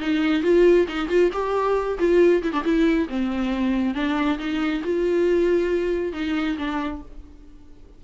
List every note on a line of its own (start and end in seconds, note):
0.00 0.42 D#4
0.42 0.86 F4
0.88 1.08 D#4
1.08 1.30 F4
1.32 1.98 G4
1.99 2.42 F4
2.42 2.52 E4
2.52 2.63 D4
2.64 3.08 E4
3.09 3.94 C4
3.94 4.38 D4
4.38 4.82 D#4
4.84 6.13 F4
6.13 6.57 D#4
6.58 7.02 D4